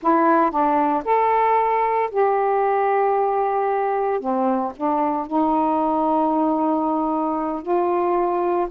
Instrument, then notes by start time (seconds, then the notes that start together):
saxophone
0.02 E4
0.50 D4
1.05 A4
2.11 G4
4.19 C4
4.76 D4
5.27 D#4
7.62 F4